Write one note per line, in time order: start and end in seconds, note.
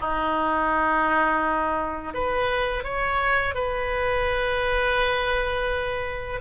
0.00 2.14 D#4
2.14 2.84 B4
2.84 3.55 C#5
3.55 6.40 B4